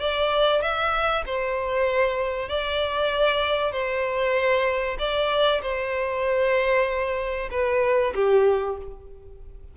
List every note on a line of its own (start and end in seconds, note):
0.00 0.61 D5
0.61 1.24 E5
1.26 2.48 C5
2.48 3.72 D5
3.72 4.97 C5
4.98 5.61 D5
5.62 7.49 C5
7.51 8.13 B4
8.15 8.77 G4